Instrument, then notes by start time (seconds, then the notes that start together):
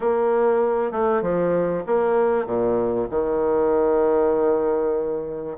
bassoon
0.00 A#3
0.91 A3
1.21 F3
1.86 A#3
2.46 A#2
3.10 D#3